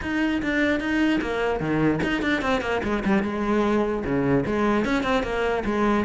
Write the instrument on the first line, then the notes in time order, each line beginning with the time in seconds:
cello
0.01 D#4
0.42 D4
0.79 D#4
1.21 A#3
1.59 D#3
2.03 D#4
2.22 D4
2.41 C4
2.61 A#3
2.83 G#3
3.04 G3
3.23 G#3
4.04 C#3
4.46 G#3
4.84 C#4
5.03 C4
5.23 A#3
5.65 G#3